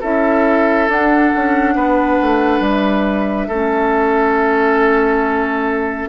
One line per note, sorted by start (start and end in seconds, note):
0.00 0.88 C#4
0.00 0.89 E4
0.00 1.74 A4
0.00 0.89 E5
0.88 1.32 D4
0.88 3.50 D4
0.88 2.64 F#5
1.36 1.75 C#4
1.75 2.18 B3
1.75 3.47 B4
2.22 2.60 A3
2.60 3.47 G3
2.60 6.09 E5
3.47 6.09 A3
3.47 6.09 C#4
3.47 6.08 A4